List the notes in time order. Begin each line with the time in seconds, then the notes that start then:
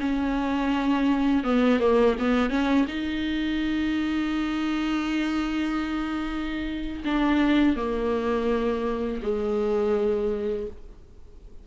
0.00 C#4
1.44 B3
1.79 A#3
2.19 B3
2.50 C#4
2.88 D#4
7.04 D4
7.76 A#3
9.22 G#3